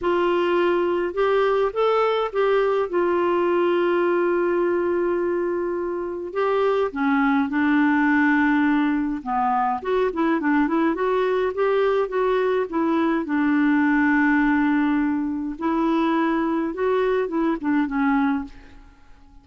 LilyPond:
\new Staff \with { instrumentName = "clarinet" } { \time 4/4 \tempo 4 = 104 f'2 g'4 a'4 | g'4 f'2.~ | f'2. g'4 | cis'4 d'2. |
b4 fis'8 e'8 d'8 e'8 fis'4 | g'4 fis'4 e'4 d'4~ | d'2. e'4~ | e'4 fis'4 e'8 d'8 cis'4 | }